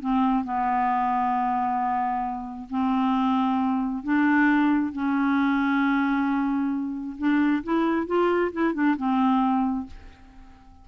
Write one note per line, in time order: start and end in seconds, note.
0.00 0.44 C4
0.44 2.68 B3
2.69 4.03 C4
4.03 4.92 D4
4.92 7.16 C#4
7.18 7.63 D4
7.63 8.06 E4
8.06 8.51 F4
8.52 8.73 E4
8.73 8.96 D4
8.97 9.86 C4